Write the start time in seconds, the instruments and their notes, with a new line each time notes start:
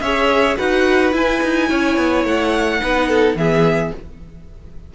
0.00 cello C#4, viola G#4, violin C#5 E5
0.56 cello D#4, viola F#4, violin B4 F#5
1.12 viola E4, cello E4, violin G#5
1.43 cello D#4
1.68 cello C#4, violin C#5
1.96 cello B3
2.24 cello A3, violin F#5
2.81 cello B3, viola D#4, violin B4
3.08 violin A4
3.34 cello E3, viola B3, violin G#4 E5